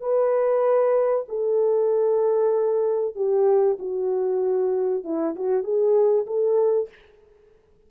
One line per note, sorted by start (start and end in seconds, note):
0.00 1.25 B4
1.28 3.15 A4
3.15 3.78 G4
3.79 5.04 F#4
5.04 5.35 E4
5.35 5.63 F#4
5.63 6.26 G#4
6.26 6.88 A4